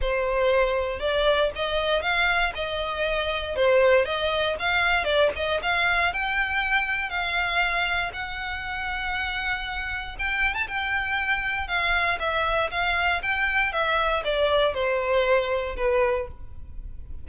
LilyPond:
\new Staff \with { instrumentName = "violin" } { \time 4/4 \tempo 4 = 118 c''2 d''4 dis''4 | f''4 dis''2 c''4 | dis''4 f''4 d''8 dis''8 f''4 | g''2 f''2 |
fis''1 | g''8. a''16 g''2 f''4 | e''4 f''4 g''4 e''4 | d''4 c''2 b'4 | }